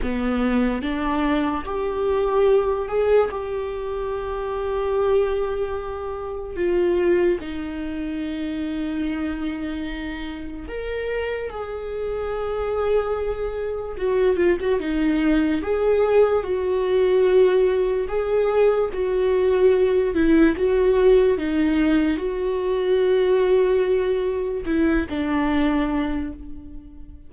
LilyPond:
\new Staff \with { instrumentName = "viola" } { \time 4/4 \tempo 4 = 73 b4 d'4 g'4. gis'8 | g'1 | f'4 dis'2.~ | dis'4 ais'4 gis'2~ |
gis'4 fis'8 f'16 fis'16 dis'4 gis'4 | fis'2 gis'4 fis'4~ | fis'8 e'8 fis'4 dis'4 fis'4~ | fis'2 e'8 d'4. | }